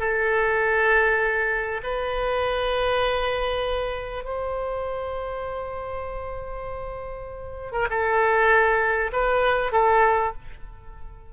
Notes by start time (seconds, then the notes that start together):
0.00 A4
1.84 B4
4.25 C5
7.72 A#4
7.90 A4
9.13 B4
9.73 A4